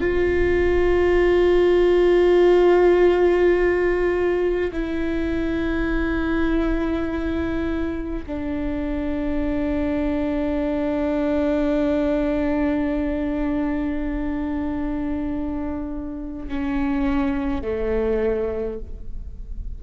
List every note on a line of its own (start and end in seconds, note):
0.00 4.71 F4
4.72 8.25 E4
8.26 16.48 D4
16.48 17.61 C#4
17.61 18.79 A3